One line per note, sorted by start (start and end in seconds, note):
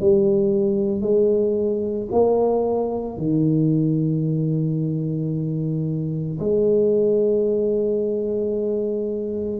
0.00 1.01 G3
1.01 2.08 G#3
2.11 3.18 A#3
3.18 6.39 D#3
6.39 9.60 G#3